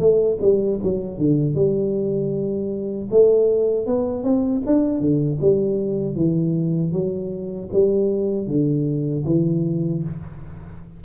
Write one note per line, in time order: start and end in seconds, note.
0.00 0.38 A3
0.42 0.80 G3
0.84 1.19 F#3
1.19 1.55 D3
1.55 3.09 G3
3.11 3.87 A3
3.87 4.24 B3
4.24 4.63 C4
4.67 5.01 D4
5.01 5.40 D3
5.42 6.16 G3
6.16 6.93 E3
6.93 7.70 F#3
7.73 8.48 G3
8.48 9.25 D3
9.27 10.03 E3